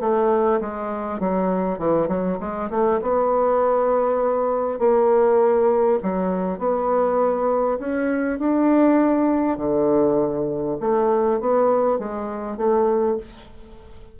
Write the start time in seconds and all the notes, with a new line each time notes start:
0.00 A3
0.60 G#3
1.19 F#3
1.79 E3
2.08 F#3
2.39 G#3
2.70 A3
3.01 B3
4.79 A#3
6.02 F#3
6.58 B3
7.79 C#4
8.39 D4
9.57 D3
10.80 A3
11.40 B3
11.98 G#3
12.57 A3